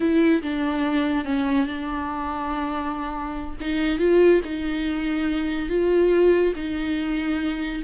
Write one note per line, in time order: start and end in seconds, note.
0.00 0.41 E4
0.42 1.24 D4
1.24 1.66 C#4
1.66 3.56 D4
3.60 3.99 D#4
3.99 4.41 F4
4.44 5.69 D#4
5.69 6.53 F4
6.55 7.82 D#4